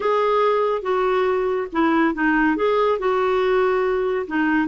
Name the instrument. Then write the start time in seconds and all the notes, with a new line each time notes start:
clarinet
0.00 G#4
0.82 F#4
1.72 E4
2.14 D#4
2.56 G#4
2.98 F#4
4.27 D#4